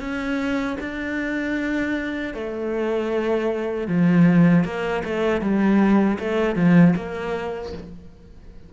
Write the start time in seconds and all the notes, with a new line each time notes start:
0.00 C#4
0.81 D4
2.34 A3
3.87 F3
4.64 A#3
5.05 A3
5.41 G3
6.19 A3
6.56 F3
6.96 A#3